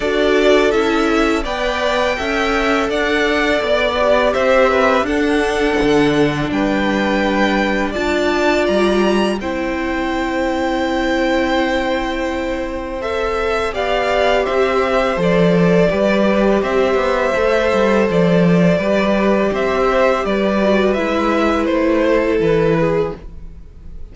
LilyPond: <<
  \new Staff \with { instrumentName = "violin" } { \time 4/4 \tempo 4 = 83 d''4 e''4 g''2 | fis''4 d''4 e''4 fis''4~ | fis''4 g''2 a''4 | ais''4 g''2.~ |
g''2 e''4 f''4 | e''4 d''2 e''4~ | e''4 d''2 e''4 | d''4 e''4 c''4 b'4 | }
  \new Staff \with { instrumentName = "violin" } { \time 4/4 a'2 d''4 e''4 | d''2 c''8 b'8 a'4~ | a'4 b'2 d''4~ | d''4 c''2.~ |
c''2. d''4 | c''2 b'4 c''4~ | c''2 b'4 c''4 | b'2~ b'8 a'4 gis'8 | }
  \new Staff \with { instrumentName = "viola" } { \time 4/4 fis'4 e'4 b'4 a'4~ | a'4. g'4. d'4~ | d'2. f'4~ | f'4 e'2.~ |
e'2 a'4 g'4~ | g'4 a'4 g'2 | a'2 g'2~ | g'8 fis'8 e'2. | }
  \new Staff \with { instrumentName = "cello" } { \time 4/4 d'4 cis'4 b4 cis'4 | d'4 b4 c'4 d'4 | d4 g2 d'4 | g4 c'2.~ |
c'2. b4 | c'4 f4 g4 c'8 b8 | a8 g8 f4 g4 c'4 | g4 gis4 a4 e4 | }
>>